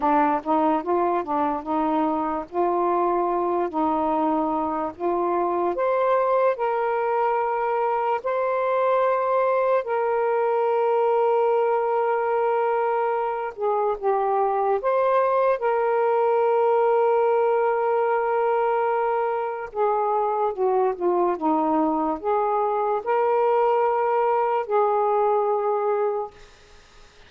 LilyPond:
\new Staff \with { instrumentName = "saxophone" } { \time 4/4 \tempo 4 = 73 d'8 dis'8 f'8 d'8 dis'4 f'4~ | f'8 dis'4. f'4 c''4 | ais'2 c''2 | ais'1~ |
ais'8 gis'8 g'4 c''4 ais'4~ | ais'1 | gis'4 fis'8 f'8 dis'4 gis'4 | ais'2 gis'2 | }